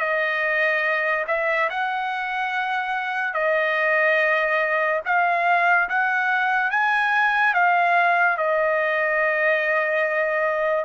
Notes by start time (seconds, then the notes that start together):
0.00 D#5
1.28 E5
1.70 F#5
3.34 D#5
5.05 F5
5.89 F#5
6.71 G#5
7.54 F5
8.37 D#5